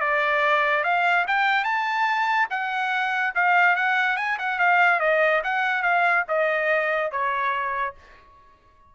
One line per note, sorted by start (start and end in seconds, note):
0.00 0.83 D5
0.83 1.25 F5
1.27 1.64 G5
1.64 2.47 A5
2.50 3.33 F#5
3.35 3.76 F5
3.76 4.16 F#5
4.16 4.37 G#5
4.38 4.59 F#5
4.59 5.00 F5
5.00 5.41 D#5
5.43 5.82 F#5
5.82 6.24 F5
6.28 7.11 D#5
7.11 7.94 C#5